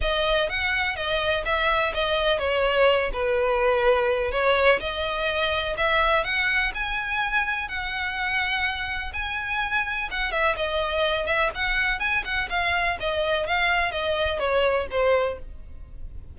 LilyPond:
\new Staff \with { instrumentName = "violin" } { \time 4/4 \tempo 4 = 125 dis''4 fis''4 dis''4 e''4 | dis''4 cis''4. b'4.~ | b'4 cis''4 dis''2 | e''4 fis''4 gis''2 |
fis''2. gis''4~ | gis''4 fis''8 e''8 dis''4. e''8 | fis''4 gis''8 fis''8 f''4 dis''4 | f''4 dis''4 cis''4 c''4 | }